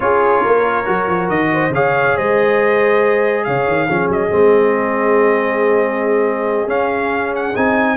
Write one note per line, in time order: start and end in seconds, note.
0.00 0.43 C#4
0.00 0.84 F4
0.00 0.41 G#4
0.00 1.29 C#5
0.41 0.87 A#3
0.41 1.49 A#4
0.84 1.08 F#3
0.84 1.71 F#4
1.08 1.29 F3
1.29 1.69 D#3
1.29 1.72 D#5
1.53 1.74 C5
1.69 2.12 C#3
1.69 3.88 G#4
1.69 2.16 C#5
1.69 2.17 F5
2.16 3.47 G#3
2.16 3.45 C5
2.16 3.43 D#5
3.43 3.67 C#3
3.43 3.86 C#5
3.43 4.08 F5
3.67 3.89 D#3
3.86 4.09 F3
3.86 4.30 C#4
3.86 7.96 G#4
4.09 4.30 F#3
4.09 6.69 D#5
4.30 6.67 G#3
4.30 6.67 C4
6.67 7.53 C#4
6.67 7.33 F5
7.35 7.56 F#5
7.55 7.97 C4
7.55 7.97 D#4
7.55 7.97 G#5